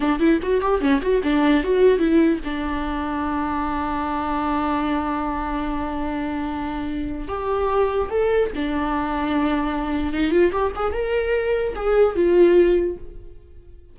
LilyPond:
\new Staff \with { instrumentName = "viola" } { \time 4/4 \tempo 4 = 148 d'8 e'8 fis'8 g'8 cis'8 fis'8 d'4 | fis'4 e'4 d'2~ | d'1~ | d'1~ |
d'2 g'2 | a'4 d'2.~ | d'4 dis'8 f'8 g'8 gis'8 ais'4~ | ais'4 gis'4 f'2 | }